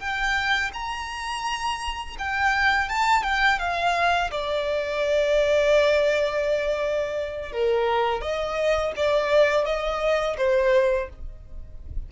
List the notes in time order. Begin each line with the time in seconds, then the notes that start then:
0.00 G5
0.74 A#5
2.19 G5
2.90 A5
3.23 G5
3.59 F5
4.31 D5
7.52 A#4
8.22 D#5
8.96 D5
9.66 D#5
10.38 C5